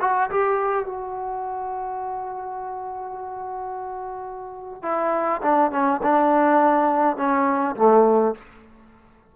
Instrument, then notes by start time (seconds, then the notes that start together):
trombone
0.00 F#4
0.30 G4
0.85 F#4
4.82 E4
5.42 D4
5.71 C#4
6.02 D4
7.16 C#4
7.75 A3